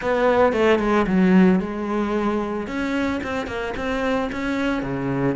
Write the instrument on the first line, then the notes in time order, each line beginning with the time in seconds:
cello
0.01 B3
0.53 A3
0.79 G#3
1.06 F#3
1.60 G#3
2.67 C#4
3.23 C4
3.47 A#3
3.76 C4
4.32 C#4
4.82 C#3